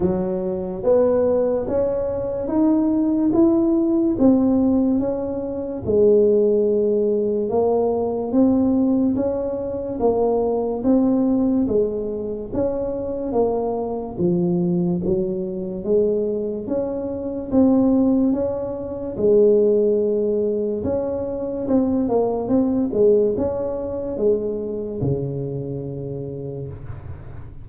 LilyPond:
\new Staff \with { instrumentName = "tuba" } { \time 4/4 \tempo 4 = 72 fis4 b4 cis'4 dis'4 | e'4 c'4 cis'4 gis4~ | gis4 ais4 c'4 cis'4 | ais4 c'4 gis4 cis'4 |
ais4 f4 fis4 gis4 | cis'4 c'4 cis'4 gis4~ | gis4 cis'4 c'8 ais8 c'8 gis8 | cis'4 gis4 cis2 | }